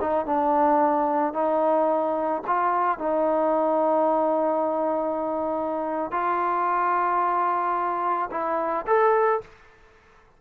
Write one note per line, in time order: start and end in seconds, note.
0.00 0.25 D#4
0.25 1.33 D4
1.33 2.42 D#4
2.47 2.98 F4
2.98 6.11 D#4
6.11 8.29 F4
8.31 8.85 E4
8.86 9.41 A4